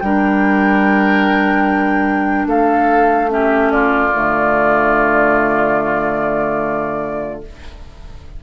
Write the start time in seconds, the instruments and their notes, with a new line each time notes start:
0.00 bassoon G3, clarinet D4, oboe A#4, flute G5
2.46 bassoon A3, oboe A4, flute F5
3.29 clarinet C#4, oboe G4, flute E5
3.71 oboe F4, flute D5
4.14 bassoon D3, clarinet A3